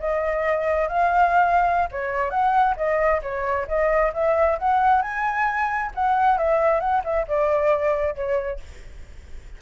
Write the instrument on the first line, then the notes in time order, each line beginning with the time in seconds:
flute
0.00 D#5
0.89 F5
1.92 C#5
2.31 F#5
2.77 D#5
3.23 C#5
3.68 D#5
4.14 E5
4.59 F#5
5.03 G#5
5.95 F#5
6.38 E5
6.80 F#5
7.05 E5
7.28 D5
8.15 C#5